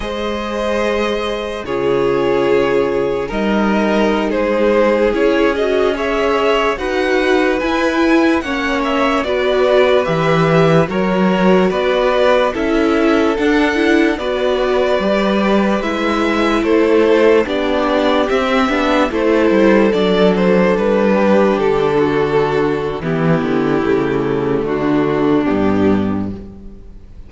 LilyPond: <<
  \new Staff \with { instrumentName = "violin" } { \time 4/4 \tempo 4 = 73 dis''2 cis''2 | dis''4~ dis''16 c''4 cis''8 dis''8 e''8.~ | e''16 fis''4 gis''4 fis''8 e''8 d''8.~ | d''16 e''4 cis''4 d''4 e''8.~ |
e''16 fis''4 d''2 e''8.~ | e''16 c''4 d''4 e''4 c''8.~ | c''16 d''8 c''8 b'4 a'4.~ a'16 | g'2 fis'4 g'4 | }
  \new Staff \with { instrumentName = "violin" } { \time 4/4 c''2 gis'2 | ais'4~ ais'16 gis'2 cis''8.~ | cis''16 b'2 cis''4 b'8.~ | b'4~ b'16 ais'4 b'4 a'8.~ |
a'4~ a'16 b'2~ b'8.~ | b'16 a'4 g'2 a'8.~ | a'4.~ a'16 g'4 fis'4~ fis'16 | e'2 d'2 | }
  \new Staff \with { instrumentName = "viola" } { \time 4/4 gis'2 f'2 | dis'2~ dis'16 e'8 fis'8 gis'8.~ | gis'16 fis'4 e'4 cis'4 fis'8.~ | fis'16 g'4 fis'2 e'8.~ |
e'16 d'8 e'8 fis'4 g'4 e'8.~ | e'4~ e'16 d'4 c'8 d'8 e'8.~ | e'16 d'2.~ d'8. | b4 a2 b4 | }
  \new Staff \with { instrumentName = "cello" } { \time 4/4 gis2 cis2 | g4~ g16 gis4 cis'4.~ cis'16~ | cis'16 dis'4 e'4 ais4 b8.~ | b16 e4 fis4 b4 cis'8.~ |
cis'16 d'4 b4 g4 gis8.~ | gis16 a4 b4 c'8 b8 a8 g16~ | g16 fis4 g4 d4.~ d16 | e8 d8 cis4 d4 g,4 | }
>>